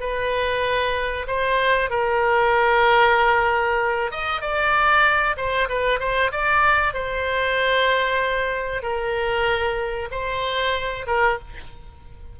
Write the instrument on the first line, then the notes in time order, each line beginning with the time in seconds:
oboe
0.00 B4
1.27 C5
1.90 A#4
4.11 D#5
4.41 D5
5.37 C5
5.69 B4
5.99 C5
6.32 D5
6.94 C5
8.82 A#4
10.11 C5
11.07 A#4